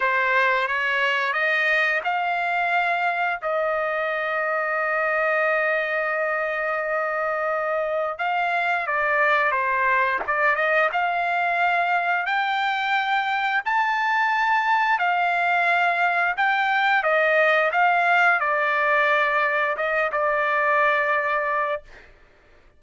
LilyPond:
\new Staff \with { instrumentName = "trumpet" } { \time 4/4 \tempo 4 = 88 c''4 cis''4 dis''4 f''4~ | f''4 dis''2.~ | dis''1 | f''4 d''4 c''4 d''8 dis''8 |
f''2 g''2 | a''2 f''2 | g''4 dis''4 f''4 d''4~ | d''4 dis''8 d''2~ d''8 | }